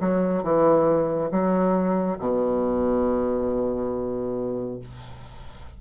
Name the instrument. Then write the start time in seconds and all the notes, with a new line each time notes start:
bassoon
0.00 F#3
0.43 E3
1.31 F#3
2.19 B2